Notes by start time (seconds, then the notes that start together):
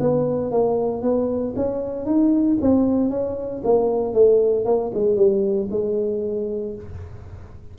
0.00 B3
0.51 A#3
1.02 B3
1.56 C#4
2.05 D#4
2.61 C4
3.10 C#4
3.64 A#3
4.14 A3
4.65 A#3
4.94 G#3
5.16 G3
5.71 G#3